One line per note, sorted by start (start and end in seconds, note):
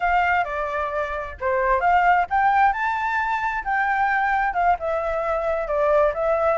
0.00 0.44 F5
0.44 1.35 D5
1.40 1.80 C5
1.80 2.25 F5
2.30 2.73 G5
2.73 3.63 A5
3.64 4.53 G5
4.53 4.76 F5
4.79 5.67 E5
5.67 6.12 D5
6.13 6.58 E5